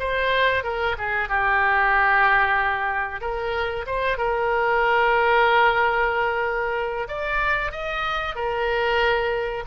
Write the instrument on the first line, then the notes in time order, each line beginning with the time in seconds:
oboe
0.00 C5
0.64 A#4
0.99 G#4
1.29 G4
3.21 A#4
3.87 C5
4.18 A#4
7.08 D5
7.72 D#5
8.35 A#4